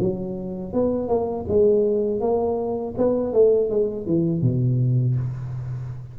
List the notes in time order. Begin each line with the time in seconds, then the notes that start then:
0.00 F#3
0.73 B3
1.08 A#3
1.48 G#3
2.21 A#3
2.98 B3
3.33 A3
3.70 G#3
4.06 E3
4.42 B2